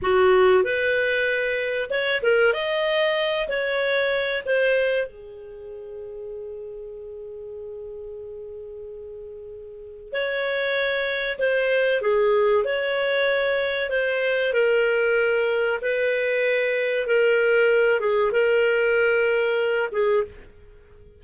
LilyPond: \new Staff \with { instrumentName = "clarinet" } { \time 4/4 \tempo 4 = 95 fis'4 b'2 cis''8 ais'8 | dis''4. cis''4. c''4 | gis'1~ | gis'1 |
cis''2 c''4 gis'4 | cis''2 c''4 ais'4~ | ais'4 b'2 ais'4~ | ais'8 gis'8 ais'2~ ais'8 gis'8 | }